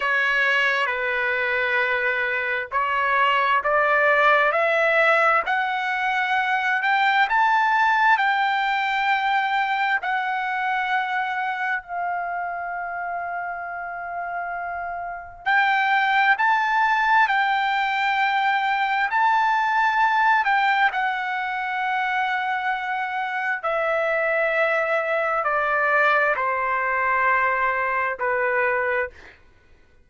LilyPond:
\new Staff \with { instrumentName = "trumpet" } { \time 4/4 \tempo 4 = 66 cis''4 b'2 cis''4 | d''4 e''4 fis''4. g''8 | a''4 g''2 fis''4~ | fis''4 f''2.~ |
f''4 g''4 a''4 g''4~ | g''4 a''4. g''8 fis''4~ | fis''2 e''2 | d''4 c''2 b'4 | }